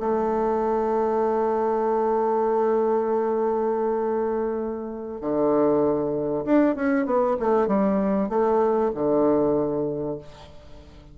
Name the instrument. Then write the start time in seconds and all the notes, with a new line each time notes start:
bassoon
0.00 A3
5.21 D3
6.45 D4
6.76 C#4
7.06 B3
7.40 A3
7.68 G3
8.29 A3
8.95 D3